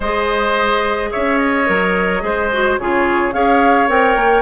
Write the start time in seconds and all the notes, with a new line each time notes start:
0.00 G#3 G#4 C5 D#5
1.11 C#4 C#5 E5
1.37 D#5
1.66 F#3 A#4
2.20 G#3 G#4 C5
2.52 F#4
2.78 C#3 F4 G#4 C#5
3.32 C#4 G#4 C#5 F5
3.87 C4 A#4 G5
4.16 A#3